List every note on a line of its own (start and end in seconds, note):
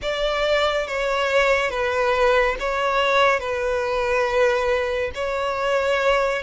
0.02 0.87 D5
0.87 1.70 C#5
1.70 2.56 B4
2.59 3.39 C#5
3.39 5.11 B4
5.14 6.42 C#5